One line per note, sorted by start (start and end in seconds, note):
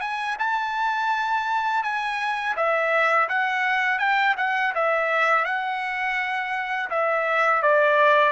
0.00 0.36 G#5
0.38 1.83 A5
1.83 2.55 G#5
2.56 3.29 E5
3.29 3.99 F#5
3.99 4.35 G5
4.37 4.73 F#5
4.75 5.45 E5
5.45 6.89 F#5
6.90 7.62 E5
7.62 8.32 D5